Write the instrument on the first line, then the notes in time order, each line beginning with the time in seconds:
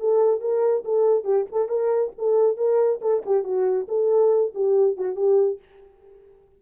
horn
0.00 A4
0.41 A#4
0.85 A4
1.25 G4
1.52 A4
1.69 A#4
2.19 A4
2.58 A#4
3.02 A4
3.26 G4
3.44 F#4
3.88 A4
4.55 G4
4.97 F#4
5.16 G4